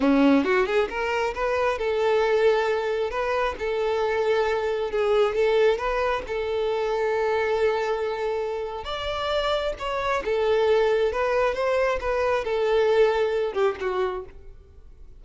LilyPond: \new Staff \with { instrumentName = "violin" } { \time 4/4 \tempo 4 = 135 cis'4 fis'8 gis'8 ais'4 b'4 | a'2. b'4 | a'2. gis'4 | a'4 b'4 a'2~ |
a'1 | d''2 cis''4 a'4~ | a'4 b'4 c''4 b'4 | a'2~ a'8 g'8 fis'4 | }